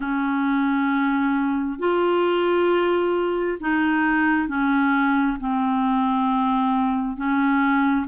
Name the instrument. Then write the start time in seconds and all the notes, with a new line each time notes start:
clarinet
0.00 C#4
1.79 F4
3.60 D#4
4.48 C#4
5.40 C4
7.16 C#4